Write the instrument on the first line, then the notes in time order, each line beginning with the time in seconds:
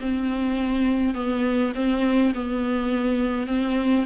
viola
0.00 C4
1.14 B3
1.74 C4
2.34 B3
3.47 C4